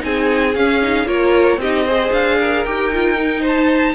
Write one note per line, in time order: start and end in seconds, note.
0.00 0.56 C4
0.00 0.53 D#4
0.00 1.08 G#4
0.00 0.55 G#5
0.55 1.06 C#4
0.55 0.83 C#4
0.55 1.08 F5
0.83 1.06 D#4
1.06 1.58 A#3
1.06 1.59 F4
1.06 1.60 A#4
1.06 1.61 C#5
1.58 2.10 C4
1.58 1.86 G4
1.58 2.13 D#5
1.64 1.88 D#4
1.86 2.67 G#4
1.86 2.39 C5
2.13 2.65 D4
2.13 2.65 F5
2.41 3.41 A#4
2.65 3.95 D#4
2.65 2.93 G4
2.65 3.44 G5
2.94 3.17 F4
3.17 3.95 D#4
3.41 3.94 C5
3.48 3.95 A5